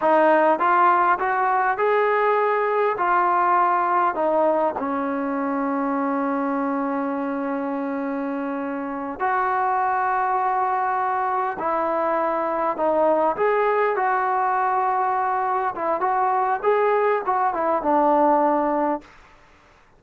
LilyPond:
\new Staff \with { instrumentName = "trombone" } { \time 4/4 \tempo 4 = 101 dis'4 f'4 fis'4 gis'4~ | gis'4 f'2 dis'4 | cis'1~ | cis'2.~ cis'8 fis'8~ |
fis'2.~ fis'8 e'8~ | e'4. dis'4 gis'4 fis'8~ | fis'2~ fis'8 e'8 fis'4 | gis'4 fis'8 e'8 d'2 | }